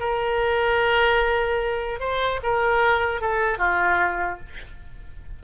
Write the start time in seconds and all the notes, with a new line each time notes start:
0.00 A#4
2.00 C5
2.43 A#4
3.21 A4
3.58 F4